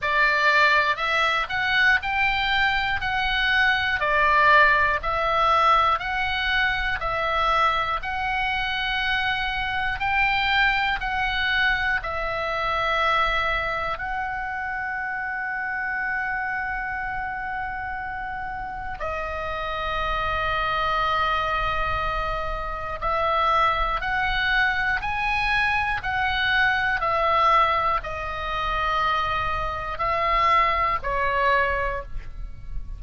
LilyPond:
\new Staff \with { instrumentName = "oboe" } { \time 4/4 \tempo 4 = 60 d''4 e''8 fis''8 g''4 fis''4 | d''4 e''4 fis''4 e''4 | fis''2 g''4 fis''4 | e''2 fis''2~ |
fis''2. dis''4~ | dis''2. e''4 | fis''4 gis''4 fis''4 e''4 | dis''2 e''4 cis''4 | }